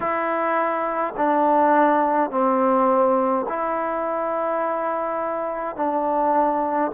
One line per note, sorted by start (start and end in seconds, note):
0.00 1.14 E4
1.16 2.30 D4
2.30 3.46 C4
3.48 5.76 E4
5.76 6.91 D4